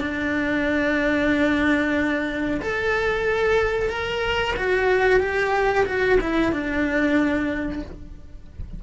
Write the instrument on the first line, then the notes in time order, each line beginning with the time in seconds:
cello
0.00 D4
2.62 A4
3.90 A#4
4.57 F#4
5.20 G4
5.86 F#4
6.21 E4
6.52 D4